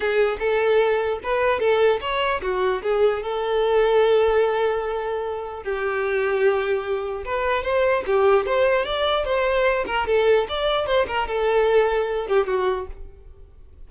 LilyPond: \new Staff \with { instrumentName = "violin" } { \time 4/4 \tempo 4 = 149 gis'4 a'2 b'4 | a'4 cis''4 fis'4 gis'4 | a'1~ | a'2 g'2~ |
g'2 b'4 c''4 | g'4 c''4 d''4 c''4~ | c''8 ais'8 a'4 d''4 c''8 ais'8 | a'2~ a'8 g'8 fis'4 | }